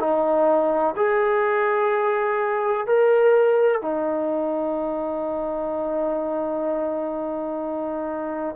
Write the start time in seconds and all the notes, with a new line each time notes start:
0.00 D#4
0.97 G#4
2.87 A#4
3.82 D#4